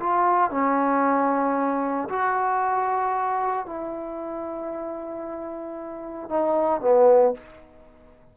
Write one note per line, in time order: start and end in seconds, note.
0.00 0.50 F4
0.50 2.08 C#4
2.09 3.66 F#4
3.66 6.29 E4
6.29 6.81 D#4
6.81 7.34 B3